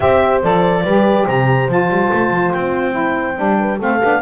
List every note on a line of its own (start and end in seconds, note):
0.00 0.43 C4
0.00 0.42 G4
0.00 0.83 C5
0.00 0.41 E5
0.42 0.84 F3
0.42 0.84 A4
0.42 1.27 D5
0.83 1.26 G3
0.83 1.69 G4
0.83 1.25 B4
1.25 1.68 C3
1.25 3.58 C5
1.25 1.69 A#5
1.68 1.89 F3
1.68 2.91 F4
1.68 2.52 A5
1.89 2.10 G3
2.12 2.30 A3
2.30 2.51 F3
2.52 3.38 C4
2.52 3.79 G5
2.91 3.33 E4
3.36 3.80 G3
3.36 3.78 D4
3.59 3.78 B4
3.78 4.02 A3
3.78 4.01 C4
3.78 4.21 A4
3.78 4.21 F5
4.01 4.21 B3
4.01 4.21 D4